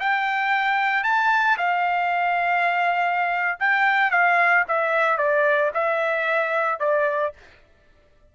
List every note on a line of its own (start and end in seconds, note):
0.00 1.04 G5
1.04 1.57 A5
1.58 3.58 F5
3.60 4.11 G5
4.11 4.64 F5
4.68 5.17 E5
5.17 5.71 D5
5.74 6.80 E5
6.80 7.33 D5